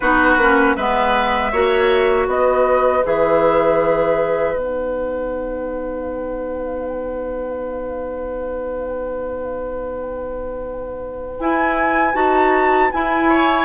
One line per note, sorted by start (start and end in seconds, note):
0.00 0.37 B3
0.00 0.39 D#4
0.00 0.76 F#4
0.00 0.75 B4
0.37 0.75 A#3
0.37 0.78 C#4
0.75 1.52 G#3
0.75 1.53 B3
0.75 1.52 B4
0.75 2.27 E5
1.52 2.27 A#3
1.52 3.04 F#4
1.52 2.28 C#5
2.27 3.03 B3
2.27 13.29 B4
2.27 3.04 D#5
3.04 4.55 E3
3.04 4.55 G#4
3.04 4.57 E5
4.55 11.38 B3
4.55 11.38 D#4
4.55 11.39 F#5
11.39 12.14 E4
11.39 12.13 E4
11.39 12.15 G#5
12.13 12.90 D#4
12.13 12.89 F#4
12.13 12.91 A5
12.91 13.65 E4
12.91 13.65 G#5
13.29 13.65 C#5